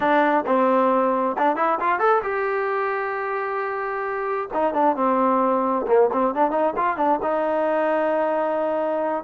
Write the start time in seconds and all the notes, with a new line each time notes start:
0.00 D4
0.46 C4
1.38 D4
1.56 E4
1.79 F4
1.99 A4
2.22 G4
4.53 D#4
4.73 D4
4.95 C4
5.87 A#3
6.12 C4
6.34 D4
6.50 D#4
6.76 F4
6.97 D4
7.22 D#4